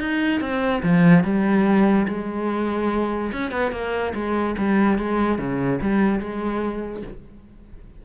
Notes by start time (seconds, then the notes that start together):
0.00 D#4
0.41 C4
0.83 F3
1.25 G3
2.08 G#3
3.33 C#4
3.52 B3
3.72 A#3
4.15 G#3
4.58 G3
4.99 G#3
5.39 C#3
5.82 G3
6.20 G#3